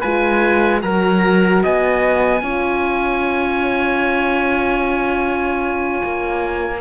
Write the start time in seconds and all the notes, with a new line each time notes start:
0.00 G#3 F4 B4 G#5
0.81 F#3 F#4 A#4 A#5
1.63 B3 D#5 G#5
2.41 C#4 F4 C#5
6.03 A#3